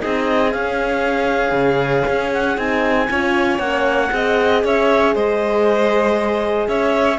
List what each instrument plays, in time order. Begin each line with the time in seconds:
0.00 cello C4, horn D#4, violin G#4, clarinet D#5
0.49 horn C#4, cello C#4, clarinet F5
1.52 cello C#3
2.08 cello C#4
2.33 clarinet F#5
2.57 cello C4, horn D#4, clarinet G#5
3.10 cello C#4, horn F4, violin C#5
3.59 cello A#3, horn C#4, clarinet F#5
4.10 cello C4, horn G#4, violin D#5
4.64 cello C#4, violin C#5, clarinet E5
5.15 cello G#3, violin C5, clarinet D#5
6.68 cello C#4, violin C#5, clarinet E5